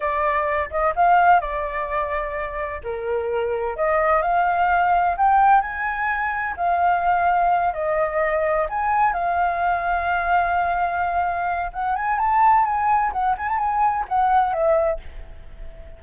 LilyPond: \new Staff \with { instrumentName = "flute" } { \time 4/4 \tempo 4 = 128 d''4. dis''8 f''4 d''4~ | d''2 ais'2 | dis''4 f''2 g''4 | gis''2 f''2~ |
f''8 dis''2 gis''4 f''8~ | f''1~ | f''4 fis''8 gis''8 a''4 gis''4 | fis''8 gis''16 a''16 gis''4 fis''4 e''4 | }